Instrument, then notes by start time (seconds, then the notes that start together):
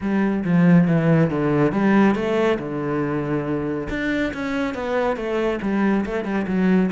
cello
0.00 G3
0.44 F3
0.87 E3
1.30 D3
1.72 G3
2.15 A3
2.58 D3
3.89 D4
4.33 C#4
4.74 B3
5.16 A3
5.62 G3
6.05 A3
6.24 G3
6.47 F#3